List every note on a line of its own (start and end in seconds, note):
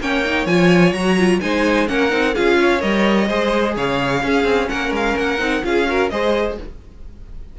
0.00 0.45 A#3
0.00 0.24 C#4
0.00 1.41 C#5
0.00 0.46 G5
0.24 0.47 D#4
0.45 0.92 F3
0.45 0.94 F4
0.45 0.92 G#5
0.92 1.39 F#3
0.92 1.18 F#4
0.92 1.39 A#5
1.18 1.41 F4
1.40 1.89 G#3
1.40 1.87 D#4
1.40 1.89 C5
1.40 1.87 G#5
1.87 2.12 A#3
1.87 2.09 C#4
1.87 2.34 A#4
1.87 2.35 F#5
2.09 2.35 C4
2.09 2.33 D#4
2.34 2.82 C#4
2.34 2.79 F4
2.34 2.57 G#4
2.34 2.81 F5
2.59 3.28 C#5
2.79 3.29 G3
2.79 3.26 A#4
2.79 3.75 D#5
3.28 3.76 G#3
3.28 4.21 G#4
3.28 3.74 C5
3.76 4.22 C#3
3.76 4.23 C#5
3.76 4.68 F5
4.21 5.38 C#4
4.21 4.43 C#4
4.21 4.70 G#4
4.43 4.67 C4
4.68 4.91 A#3
4.68 5.63 A#4
4.68 4.92 F#5
4.91 5.14 G#3
4.91 5.18 F5
5.17 5.39 A#3
5.17 5.64 F#5
5.38 5.62 C4
5.38 5.62 D#4
5.63 6.11 C#4
5.63 5.85 F4
5.63 5.89 G#4
5.63 6.09 F5
5.85 6.09 F#4
5.85 6.11 A#4
6.09 6.57 G#3
6.09 6.58 G#4
6.09 6.58 C5
6.09 6.56 D#5